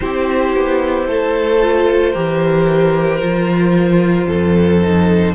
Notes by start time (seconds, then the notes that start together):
0.00 C4 E4 G4 C5
0.55 B3
1.07 A3 A4
1.61 F4
2.12 E3 G4 A#4
3.20 F3 F4
4.27 F2 A4
4.81 D#4